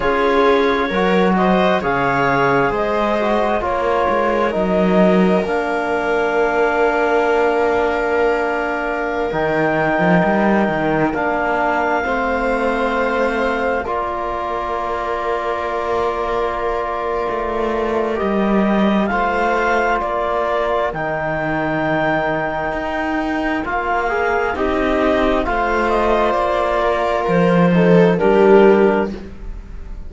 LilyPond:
<<
  \new Staff \with { instrumentName = "clarinet" } { \time 4/4 \tempo 4 = 66 cis''4. dis''8 f''4 dis''4 | cis''4 dis''4 f''2~ | f''2~ f''16 g''4.~ g''16~ | g''16 f''2. d''8.~ |
d''1 | dis''4 f''4 d''4 g''4~ | g''2 f''4 dis''4 | f''8 dis''8 d''4 c''4 ais'4 | }
  \new Staff \with { instrumentName = "viola" } { \time 4/4 gis'4 ais'8 c''8 cis''4 c''4 | ais'1~ | ais'1~ | ais'4~ ais'16 c''2 ais'8.~ |
ais'1~ | ais'4 c''4 ais'2~ | ais'2. dis'4 | c''4. ais'4 a'8 g'4 | }
  \new Staff \with { instrumentName = "trombone" } { \time 4/4 f'4 fis'4 gis'4. fis'8 | f'4 dis'4 d'2~ | d'2~ d'16 dis'4.~ dis'16~ | dis'16 d'4 c'2 f'8.~ |
f'1 | g'4 f'2 dis'4~ | dis'2 f'8 gis'8 g'4 | f'2~ f'8 dis'8 d'4 | }
  \new Staff \with { instrumentName = "cello" } { \time 4/4 cis'4 fis4 cis4 gis4 | ais8 gis8 fis4 ais2~ | ais2~ ais16 dis8. f16 g8 dis16~ | dis16 ais4 a2 ais8.~ |
ais2. a4 | g4 a4 ais4 dis4~ | dis4 dis'4 ais4 c'4 | a4 ais4 f4 g4 | }
>>